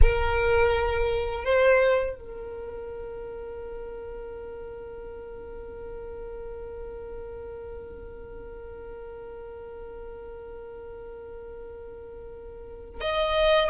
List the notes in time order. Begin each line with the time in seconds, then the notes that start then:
0.01 A#4
1.44 C5
2.16 A#4
13.00 D#5